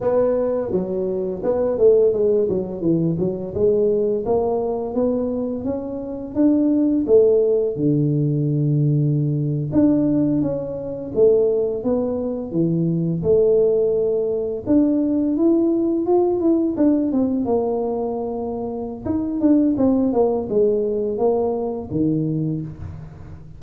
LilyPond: \new Staff \with { instrumentName = "tuba" } { \time 4/4 \tempo 4 = 85 b4 fis4 b8 a8 gis8 fis8 | e8 fis8 gis4 ais4 b4 | cis'4 d'4 a4 d4~ | d4.~ d16 d'4 cis'4 a16~ |
a8. b4 e4 a4~ a16~ | a8. d'4 e'4 f'8 e'8 d'16~ | d'16 c'8 ais2~ ais16 dis'8 d'8 | c'8 ais8 gis4 ais4 dis4 | }